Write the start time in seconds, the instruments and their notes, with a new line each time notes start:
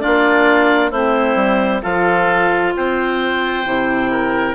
0.00 bassoon A#3, clarinet D4 D5, oboe F4
0.91 bassoon A3, clarinet C4 C5, oboe E4
1.36 bassoon G3
1.83 bassoon F3, clarinet F4 F5, oboe A4
2.76 bassoon C4, oboe C5, clarinet G5
3.66 bassoon C3, clarinet E4
4.12 oboe A#4